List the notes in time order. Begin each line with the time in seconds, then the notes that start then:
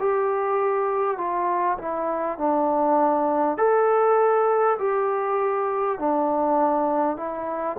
0.00 G4
1.18 F4
1.79 E4
2.38 D4
3.58 A4
4.79 G4
5.99 D4
7.17 E4